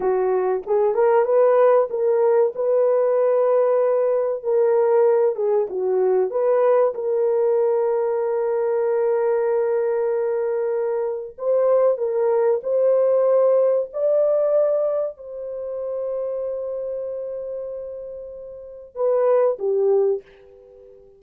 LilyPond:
\new Staff \with { instrumentName = "horn" } { \time 4/4 \tempo 4 = 95 fis'4 gis'8 ais'8 b'4 ais'4 | b'2. ais'4~ | ais'8 gis'8 fis'4 b'4 ais'4~ | ais'1~ |
ais'2 c''4 ais'4 | c''2 d''2 | c''1~ | c''2 b'4 g'4 | }